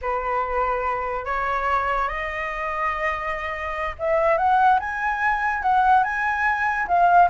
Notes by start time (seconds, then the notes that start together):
0.01 B4
1.25 C#5
2.08 D#5
3.98 E5
4.37 F#5
4.79 G#5
5.62 F#5
6.03 G#5
6.87 F5